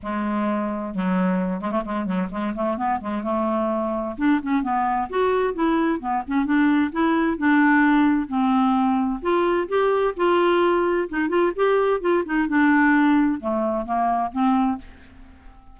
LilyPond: \new Staff \with { instrumentName = "clarinet" } { \time 4/4 \tempo 4 = 130 gis2 fis4. gis16 a16 | gis8 fis8 gis8 a8 b8 gis8 a4~ | a4 d'8 cis'8 b4 fis'4 | e'4 b8 cis'8 d'4 e'4 |
d'2 c'2 | f'4 g'4 f'2 | dis'8 f'8 g'4 f'8 dis'8 d'4~ | d'4 a4 ais4 c'4 | }